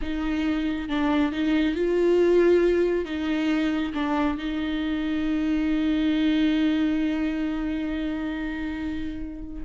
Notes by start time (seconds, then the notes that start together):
0.01 D#4
0.89 D4
1.32 D#4
1.75 F4
3.05 D#4
3.94 D4
4.37 D#4